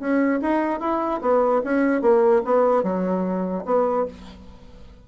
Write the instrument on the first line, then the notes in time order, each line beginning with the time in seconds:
bassoon
0.00 C#4
0.42 D#4
0.81 E4
1.22 B3
1.64 C#4
2.02 A#3
2.45 B3
2.83 F#3
3.66 B3